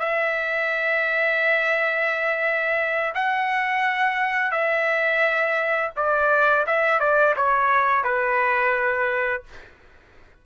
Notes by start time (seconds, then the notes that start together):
0.00 E5
3.15 F#5
4.52 E5
5.97 D5
6.67 E5
7.00 D5
7.37 C#5
8.04 B4